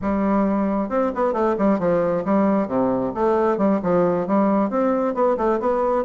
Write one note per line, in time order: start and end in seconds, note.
0.01 0.89 G3
0.89 1.11 C4
1.15 1.33 B3
1.33 1.55 A3
1.58 1.79 G3
1.79 2.24 F3
2.24 2.67 G3
2.67 3.12 C3
3.14 3.57 A3
3.57 3.79 G3
3.82 4.27 F3
4.27 4.70 G3
4.70 5.14 C4
5.14 5.36 B3
5.37 5.59 A3
5.60 6.04 B3